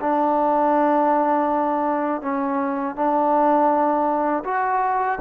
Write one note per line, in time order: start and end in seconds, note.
0.00 2.21 D4
2.21 2.95 C#4
2.95 4.43 D4
4.44 5.18 F#4